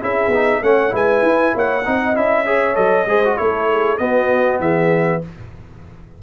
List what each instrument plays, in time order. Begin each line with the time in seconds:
0.00 tuba C#4, trombone E4, horn G#4, trumpet E5
0.27 tuba B3
0.34 trombone D#4
0.62 tuba A3, trombone C#4, horn C#5, trumpet F#5
0.89 tuba G#3, trombone E4, horn B4, trumpet G#5
1.22 tuba E4
1.54 tuba A#3, horn C#5, trumpet F#5
1.85 tuba C4, trombone D#4, horn D#5
2.14 tuba C#4, trombone E4, trumpet E5
2.45 trombone G#4, horn C#5
2.74 tuba F#3, trombone A4, trumpet D#5
3.06 tuba G#3, trombone G#4, horn C5
3.24 trombone F#4
3.37 tuba A3, trombone E4, horn A4, trumpet C#5
3.69 horn G#4
3.97 tuba B3, trombone B3, horn F#4, trumpet D#5
4.59 tuba E3, horn G#4, trumpet E5